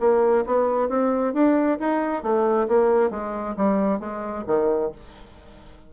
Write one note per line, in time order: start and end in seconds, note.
0.00 0.45 A#3
0.46 0.89 B3
0.89 1.33 C4
1.33 1.78 D4
1.80 2.22 D#4
2.22 2.67 A3
2.68 3.10 A#3
3.10 3.55 G#3
3.57 4.00 G3
4.00 4.44 G#3
4.47 4.92 D#3